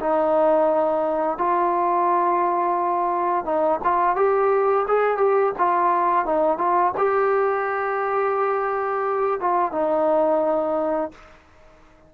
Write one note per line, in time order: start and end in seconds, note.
0.00 1.38 D#4
1.38 3.45 F4
3.45 3.80 D#4
3.84 4.16 F4
4.16 4.86 G4
4.88 5.18 G#4
5.18 5.53 G4
5.59 6.26 F4
6.26 6.58 D#4
6.58 6.93 F4
6.98 9.41 G4
9.41 9.72 F4
9.72 11.12 D#4